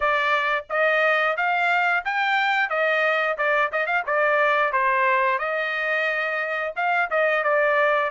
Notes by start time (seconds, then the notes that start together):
0.00 D5
0.69 D#5
1.36 F5
2.04 G5
2.69 D#5
3.37 D5
3.72 D#5
3.86 F5
4.06 D5
4.72 C5
5.38 D#5
6.75 F5
7.10 D#5
7.43 D5